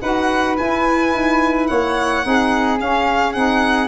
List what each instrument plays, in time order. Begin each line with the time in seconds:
0.00 tuba D#4, saxophone F#4, flute B4, violin F#5
0.57 saxophone E4, tuba E4, violin G#5
1.13 tuba D#4
1.67 tuba A#3, flute C#5, violin F#5
2.22 tuba C4, saxophone D#4, flute G#4
2.79 saxophone C#4, tuba C#4, violin F5
3.32 tuba C4, saxophone D#4, violin F#5